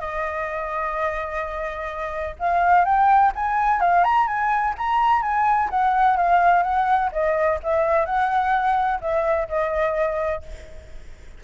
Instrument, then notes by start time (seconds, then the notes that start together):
flute
0.00 D#5
2.39 F5
2.85 G5
3.35 G#5
3.80 F5
4.04 A#5
4.27 G#5
4.78 A#5
5.22 G#5
5.70 F#5
6.17 F5
6.63 F#5
7.12 D#5
7.63 E5
8.06 F#5
9.01 E5
9.49 D#5